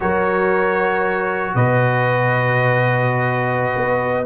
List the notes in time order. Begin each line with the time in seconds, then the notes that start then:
0.00 F#3 F#4 A#4 C#5
1.54 B2 B4 D#5
3.76 B3